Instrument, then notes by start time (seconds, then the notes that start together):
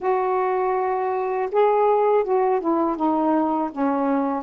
saxophone
0.00 F#4
1.52 G#4
2.24 F#4
2.60 E4
2.96 D#4
3.71 C#4